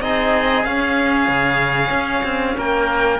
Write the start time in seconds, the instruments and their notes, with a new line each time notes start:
0.00 cello C4, trombone D#4, oboe G#4, violin D#5
0.64 cello C#4, trombone C#4, violin F5
1.28 cello C#3
1.90 cello C#4
2.24 cello C4
2.57 cello A#3, oboe A#4, violin G5